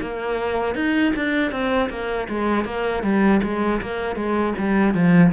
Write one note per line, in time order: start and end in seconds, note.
0.00 0.75 A#3
0.75 1.13 D#4
1.15 1.51 D4
1.51 1.89 C4
1.90 2.28 A#3
2.28 2.64 G#3
2.64 3.02 A#3
3.03 3.41 G3
3.42 3.80 G#3
3.81 4.15 A#3
4.15 4.53 G#3
4.58 4.94 G3
4.94 5.32 F3